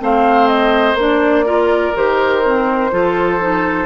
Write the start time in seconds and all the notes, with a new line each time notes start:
0.00 A3 C4 C5 F5
0.48 D#5
0.95 A#3 D4
1.01 D5
1.46 F4 A#4
1.95 D#3 G4 C5
2.45 C4
2.92 F3 F4 A4
3.41 D#4